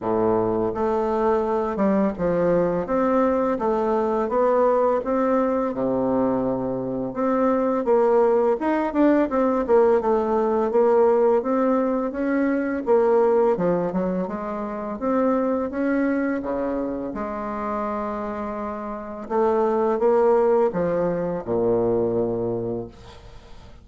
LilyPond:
\new Staff \with { instrumentName = "bassoon" } { \time 4/4 \tempo 4 = 84 a,4 a4. g8 f4 | c'4 a4 b4 c'4 | c2 c'4 ais4 | dis'8 d'8 c'8 ais8 a4 ais4 |
c'4 cis'4 ais4 f8 fis8 | gis4 c'4 cis'4 cis4 | gis2. a4 | ais4 f4 ais,2 | }